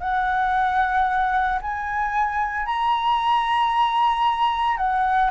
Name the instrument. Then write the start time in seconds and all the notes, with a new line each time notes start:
flute
0.00 F#5
1.62 G#5
2.66 A#5
4.77 F#5